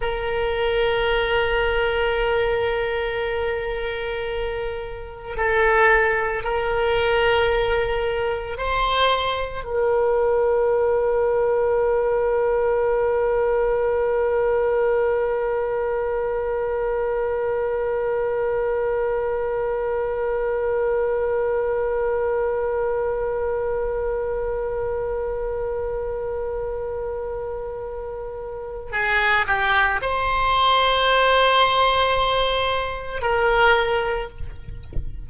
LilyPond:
\new Staff \with { instrumentName = "oboe" } { \time 4/4 \tempo 4 = 56 ais'1~ | ais'4 a'4 ais'2 | c''4 ais'2.~ | ais'1~ |
ais'1~ | ais'1~ | ais'2. gis'8 g'8 | c''2. ais'4 | }